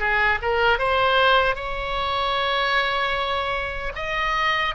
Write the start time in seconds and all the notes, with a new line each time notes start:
0.00 G#4
0.42 A#4
0.79 C5
1.56 C#5
3.96 D#5